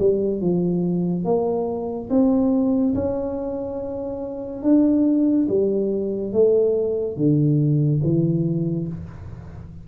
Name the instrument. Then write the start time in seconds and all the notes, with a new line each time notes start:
tuba
0.00 G3
0.41 F3
1.25 A#3
2.10 C4
2.95 C#4
4.63 D4
5.49 G3
6.33 A3
7.17 D3
8.04 E3